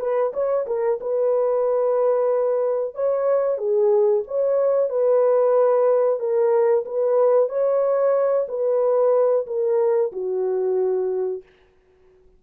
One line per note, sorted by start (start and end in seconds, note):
0.00 0.33 B4
0.34 0.66 C#5
0.67 1.00 A#4
1.01 2.95 B4
2.95 3.58 C#5
3.58 4.24 G#4
4.28 4.90 C#5
4.90 6.20 B4
6.20 6.85 A#4
6.86 7.49 B4
7.49 8.47 C#5
8.49 9.47 B4
9.47 10.12 A#4
10.13 11.43 F#4